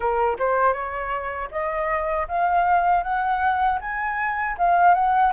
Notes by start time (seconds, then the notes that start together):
0.00 A#4
0.38 C5
0.72 C#5
1.51 D#5
2.28 F5
3.03 F#5
3.80 G#5
4.58 F5
4.94 F#5